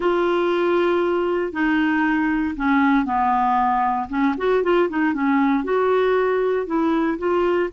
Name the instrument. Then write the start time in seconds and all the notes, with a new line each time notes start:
clarinet
0.00 F4
1.52 D#4
2.56 C#4
3.05 B3
4.09 C#4
4.37 F#4
4.63 F4
4.89 D#4
5.13 C#4
5.64 F#4
6.66 E4
7.18 F4